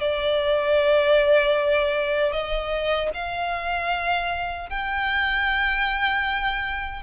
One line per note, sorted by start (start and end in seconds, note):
0.00 2.32 D5
2.32 3.10 D#5
3.14 4.69 F5
4.69 7.02 G5